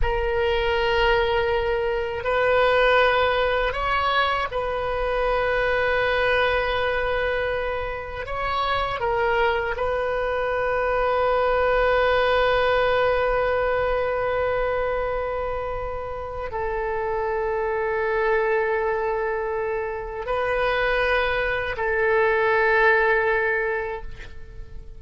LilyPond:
\new Staff \with { instrumentName = "oboe" } { \time 4/4 \tempo 4 = 80 ais'2. b'4~ | b'4 cis''4 b'2~ | b'2. cis''4 | ais'4 b'2.~ |
b'1~ | b'2 a'2~ | a'2. b'4~ | b'4 a'2. | }